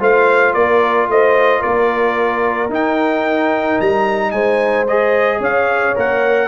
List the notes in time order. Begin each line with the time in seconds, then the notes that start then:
0.00 A3 F4 C5 F5
0.54 A#3 A#4 D5
1.09 A3 C5 D#5
1.61 A#3 A#4 D5
2.70 D#4 G5
3.81 G3 A#5
4.32 G#3 C5 G#5
4.87 G#4 D#5
5.40 C#4 C#5 F5
5.95 A#3 A#4 F#5